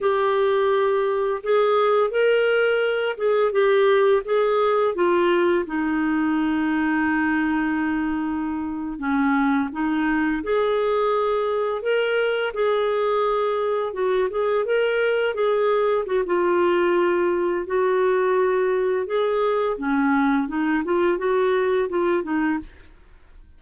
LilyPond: \new Staff \with { instrumentName = "clarinet" } { \time 4/4 \tempo 4 = 85 g'2 gis'4 ais'4~ | ais'8 gis'8 g'4 gis'4 f'4 | dis'1~ | dis'8. cis'4 dis'4 gis'4~ gis'16~ |
gis'8. ais'4 gis'2 fis'16~ | fis'16 gis'8 ais'4 gis'4 fis'16 f'4~ | f'4 fis'2 gis'4 | cis'4 dis'8 f'8 fis'4 f'8 dis'8 | }